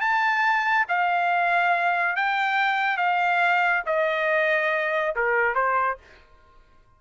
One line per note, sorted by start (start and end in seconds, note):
0.00 0.86 A5
0.88 2.16 F5
2.16 2.97 G5
2.97 3.83 F5
3.86 5.14 D#5
5.15 5.55 A#4
5.55 5.97 C5